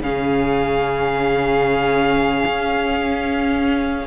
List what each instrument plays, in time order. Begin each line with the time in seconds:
0.00 cello C#3, viola C#4, violin G#4 F5
2.45 cello C#4